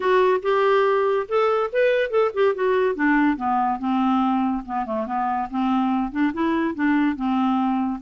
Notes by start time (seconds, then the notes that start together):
0.00 F#4
0.42 G4
1.28 A4
1.72 B4
2.10 A4
2.34 G4
2.55 F#4
2.95 D4
3.36 B3
3.79 C4
4.65 B3
4.85 A3
5.06 B3
5.50 C4
6.11 D4
6.33 E4
6.74 D4
7.16 C4